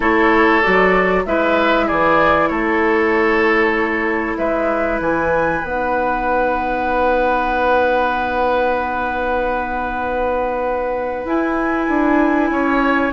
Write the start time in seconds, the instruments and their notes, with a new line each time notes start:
0.00 bassoon A3, clarinet E4, oboe A4, flute C#5
0.62 bassoon F#3, clarinet F#4, flute D5
1.25 bassoon G#3, clarinet E4, oboe B4, flute E5
1.86 bassoon E3, oboe G#4, flute D5
2.47 bassoon A3, oboe A4, flute C#5
4.37 bassoon G#3, oboe B4, flute E5
4.99 bassoon E3, flute G#5
5.63 bassoon B3, clarinet D#4, flute F#5
11.24 bassoon E4, clarinet E4, flute G#5
11.88 bassoon D4
12.50 bassoon C#4, oboe C#5